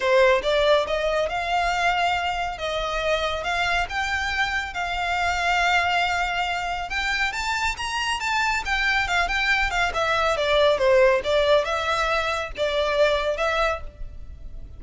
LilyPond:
\new Staff \with { instrumentName = "violin" } { \time 4/4 \tempo 4 = 139 c''4 d''4 dis''4 f''4~ | f''2 dis''2 | f''4 g''2 f''4~ | f''1 |
g''4 a''4 ais''4 a''4 | g''4 f''8 g''4 f''8 e''4 | d''4 c''4 d''4 e''4~ | e''4 d''2 e''4 | }